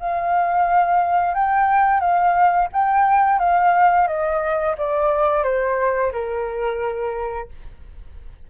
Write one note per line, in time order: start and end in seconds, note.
0.00 1.35 F5
1.35 2.01 G5
2.01 2.69 F5
2.73 3.40 G5
3.40 4.08 F5
4.08 4.76 D#5
4.78 5.44 D5
5.44 6.12 C5
6.13 7.49 A#4